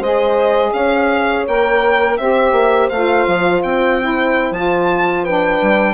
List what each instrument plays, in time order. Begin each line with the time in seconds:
0.00 bassoon G#3, saxophone G#4, horn C5, violin D#5
0.73 bassoon C#4, horn C#5, violin F5
1.48 bassoon A#3, saxophone A#4, violin G5
2.17 bassoon C4, saxophone G4, horn C5, violin E5
2.52 bassoon A#3
2.89 bassoon A3, saxophone F4, violin F5
3.27 bassoon F3
3.63 bassoon C4, violin G5
4.01 saxophone E4
4.51 bassoon F3, saxophone F4, violin A5
5.23 saxophone D4, horn B4, violin G5
5.61 bassoon G3